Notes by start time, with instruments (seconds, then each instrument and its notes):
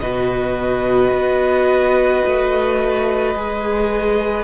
0.00 cello B2, viola F#4, violin B4 D#5
1.12 cello B3
2.27 cello A3
3.35 cello G#3, viola G#4